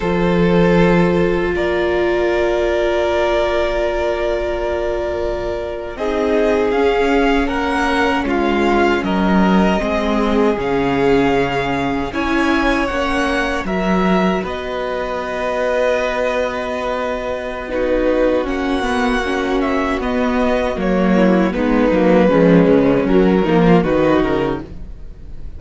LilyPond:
<<
  \new Staff \with { instrumentName = "violin" } { \time 4/4 \tempo 4 = 78 c''2 d''2~ | d''2.~ d''8. dis''16~ | dis''8. f''4 fis''4 f''4 dis''16~ | dis''4.~ dis''16 f''2 gis''16~ |
gis''8. fis''4 e''4 dis''4~ dis''16~ | dis''2. b'4 | fis''4. e''8 dis''4 cis''4 | b'2 ais'4 b'8 ais'8 | }
  \new Staff \with { instrumentName = "violin" } { \time 4/4 a'2 ais'2~ | ais'2.~ ais'8. gis'16~ | gis'4.~ gis'16 ais'4 f'4 ais'16~ | ais'8. gis'2. cis''16~ |
cis''4.~ cis''16 ais'4 b'4~ b'16~ | b'2. fis'4~ | fis'2.~ fis'8 e'8 | dis'4 cis'4. dis'16 f'16 fis'4 | }
  \new Staff \with { instrumentName = "viola" } { \time 4/4 f'1~ | f'2.~ f'8. dis'16~ | dis'8. cis'2.~ cis'16~ | cis'8. c'4 cis'2 e'16~ |
e'8. cis'4 fis'2~ fis'16~ | fis'2. dis'4 | cis'8 b8 cis'4 b4 ais4 | b8 ais8 gis4 fis8 ais8 dis'4 | }
  \new Staff \with { instrumentName = "cello" } { \time 4/4 f2 ais2~ | ais2.~ ais8. c'16~ | c'8. cis'4 ais4 gis4 fis16~ | fis8. gis4 cis2 cis'16~ |
cis'8. ais4 fis4 b4~ b16~ | b1 | ais2 b4 fis4 | gis8 fis8 f8 cis8 fis8 f8 dis8 cis8 | }
>>